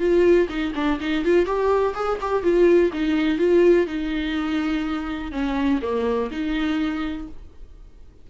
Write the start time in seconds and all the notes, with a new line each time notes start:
0.00 F4
0.49 D#4
0.76 D4
1.01 D#4
1.25 F4
1.46 G4
1.95 G#4
2.21 G4
2.43 F4
2.93 D#4
3.39 F4
3.87 D#4
5.32 C#4
5.82 A#3
6.31 D#4